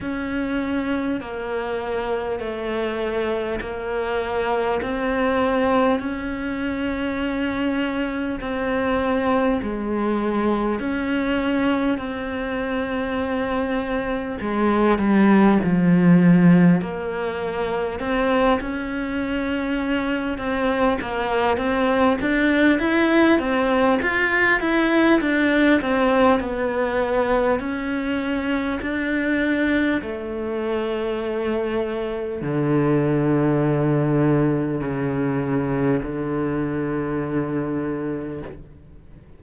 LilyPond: \new Staff \with { instrumentName = "cello" } { \time 4/4 \tempo 4 = 50 cis'4 ais4 a4 ais4 | c'4 cis'2 c'4 | gis4 cis'4 c'2 | gis8 g8 f4 ais4 c'8 cis'8~ |
cis'4 c'8 ais8 c'8 d'8 e'8 c'8 | f'8 e'8 d'8 c'8 b4 cis'4 | d'4 a2 d4~ | d4 cis4 d2 | }